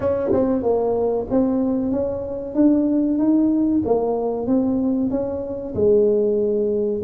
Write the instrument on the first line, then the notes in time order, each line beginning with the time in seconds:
tuba
0.00 C#4
0.32 C4
0.62 A#3
1.30 C4
1.91 C#4
2.54 D4
3.18 D#4
3.85 A#3
4.46 C4
5.10 C#4
5.74 G#3